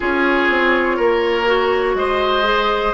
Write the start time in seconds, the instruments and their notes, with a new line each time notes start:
0.00 bassoon C#4, clarinet F4, oboe G#4, flute C#5
0.49 bassoon C4
0.96 bassoon A#3, oboe A#4
1.46 clarinet F#4
1.94 bassoon G#3, oboe C5, flute D#5
2.43 clarinet G#4